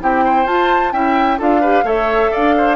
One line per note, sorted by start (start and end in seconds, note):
0.00 0.46 C4
0.00 0.47 E4
0.00 0.25 G4
0.00 0.47 G5
0.25 0.93 C5
0.46 0.92 F4
0.46 0.93 F4
0.46 0.93 A5
0.92 1.39 C#4
0.92 1.39 E4
0.92 1.38 E5
0.92 1.39 G5
1.38 1.84 D4
1.38 1.62 F4
1.38 1.61 A4
1.38 1.89 F5
1.61 1.85 G4
1.61 1.84 B4
1.84 2.30 A3
1.84 2.76 A4
1.84 2.31 C#5
1.84 2.34 E5
2.31 2.76 D4
2.31 2.54 D5
2.31 2.76 F5
2.58 2.76 C5